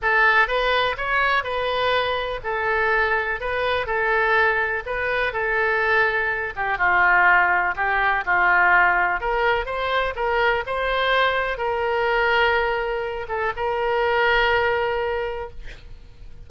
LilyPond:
\new Staff \with { instrumentName = "oboe" } { \time 4/4 \tempo 4 = 124 a'4 b'4 cis''4 b'4~ | b'4 a'2 b'4 | a'2 b'4 a'4~ | a'4. g'8 f'2 |
g'4 f'2 ais'4 | c''4 ais'4 c''2 | ais'2.~ ais'8 a'8 | ais'1 | }